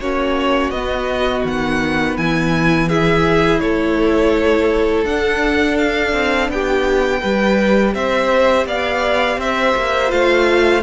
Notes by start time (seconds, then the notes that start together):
0.00 A#3 C#4 F#4 C#5
0.70 B3 D#5
1.44 D#3 F#5
2.17 E3 E4 G#5
2.88 E4 G#4 E5
3.59 A3 A4 C#5
5.04 D4 F#5
5.77 F5
6.12 C4
6.48 B3 G4 G5
7.21 G3 G4 B4
7.94 C4 C5 E5
8.66 B3 D5 F5
9.37 C4 C5 E5
9.76 A#3
10.08 A3 F4 F5